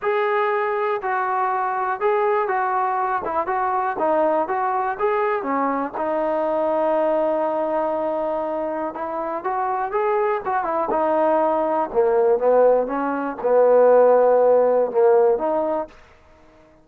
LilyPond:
\new Staff \with { instrumentName = "trombone" } { \time 4/4 \tempo 4 = 121 gis'2 fis'2 | gis'4 fis'4. e'8 fis'4 | dis'4 fis'4 gis'4 cis'4 | dis'1~ |
dis'2 e'4 fis'4 | gis'4 fis'8 e'8 dis'2 | ais4 b4 cis'4 b4~ | b2 ais4 dis'4 | }